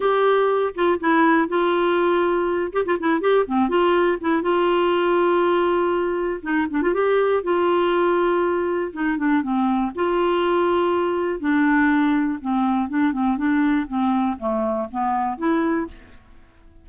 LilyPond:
\new Staff \with { instrumentName = "clarinet" } { \time 4/4 \tempo 4 = 121 g'4. f'8 e'4 f'4~ | f'4. g'16 f'16 e'8 g'8 c'8 f'8~ | f'8 e'8 f'2.~ | f'4 dis'8 d'16 f'16 g'4 f'4~ |
f'2 dis'8 d'8 c'4 | f'2. d'4~ | d'4 c'4 d'8 c'8 d'4 | c'4 a4 b4 e'4 | }